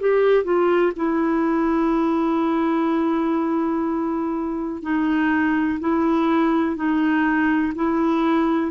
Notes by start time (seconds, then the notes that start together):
0.00 G4
0.44 F4
0.96 E4
4.83 D#4
5.80 E4
6.76 D#4
7.76 E4